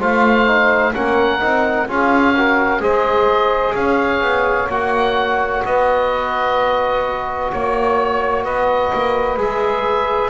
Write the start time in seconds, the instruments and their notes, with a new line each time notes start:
0.00 double bass A3, trombone F4, saxophone C5, oboe F5
0.47 trombone D#4
0.94 double bass A#3, trombone C#4, saxophone A#4, oboe F#5
1.40 double bass C4, trombone D#4
1.88 double bass C#4, trombone F4, saxophone G#4, oboe F5
2.35 trombone F#4, saxophone A#4
2.80 double bass G#3, trombone G#4, saxophone C5, oboe D#5
3.75 double bass C#4, saxophone C#5, oboe F5
4.21 double bass B3
4.69 double bass A#3, trombone F#4, oboe F#5
5.65 double bass B3, saxophone B4, oboe D#5
7.52 double bass A#3, saxophone C#5, oboe C#5
8.44 double bass B3, saxophone B4, oboe D#5
8.94 double bass A#3
9.38 double bass G#3, trombone G#4, oboe E5